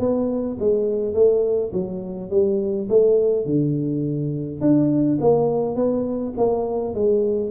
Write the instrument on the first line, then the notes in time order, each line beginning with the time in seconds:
tuba
0.00 B3
0.60 G#3
1.14 A3
1.73 F#3
2.31 G3
2.89 A3
3.46 D3
4.61 D4
5.21 A#3
5.76 B3
6.37 A#3
6.95 G#3